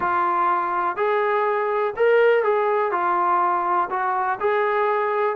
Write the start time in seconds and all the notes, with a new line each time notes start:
0.00 F4
0.96 G#4
1.96 A#4
2.43 G#4
2.91 F4
3.90 F#4
4.40 G#4